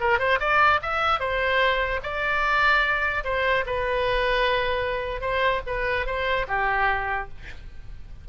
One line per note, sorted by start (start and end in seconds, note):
0.00 0.19 A#4
0.19 0.39 C5
0.40 0.80 D5
0.82 1.20 E5
1.20 2.00 C5
2.03 3.24 D5
3.24 3.64 C5
3.66 5.21 B4
5.21 5.61 C5
5.66 6.06 B4
6.06 6.46 C5
6.48 7.28 G4